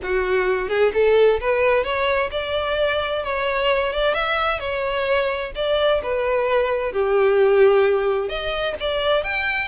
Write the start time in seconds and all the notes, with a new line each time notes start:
0.02 F#4
0.69 G#4
0.93 A4
1.40 B4
1.83 C#5
2.31 D5
3.23 C#5
3.93 D5
4.14 E5
4.59 C#5
5.55 D5
6.02 B4
6.92 G4
8.28 D#5
8.80 D5
9.23 G5